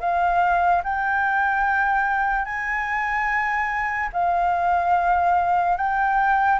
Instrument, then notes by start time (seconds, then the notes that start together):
flute
0.00 F5
0.84 G5
2.45 G#5
4.13 F5
5.77 G5